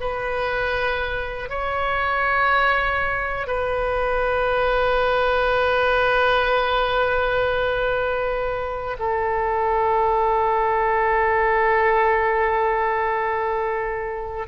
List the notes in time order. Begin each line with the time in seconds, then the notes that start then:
0.00 B4
1.49 C#5
3.47 B4
8.99 A4